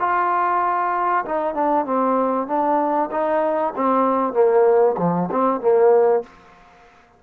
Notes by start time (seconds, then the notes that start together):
0.00 F4
1.26 D#4
1.55 D4
1.85 C4
2.48 D4
3.11 D#4
3.76 C4
4.34 A#3
4.98 F3
5.32 C4
5.61 A#3